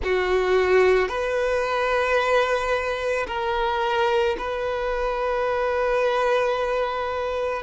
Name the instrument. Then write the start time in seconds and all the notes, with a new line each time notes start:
violin
0.03 F#4
1.08 B4
3.27 A#4
4.38 B4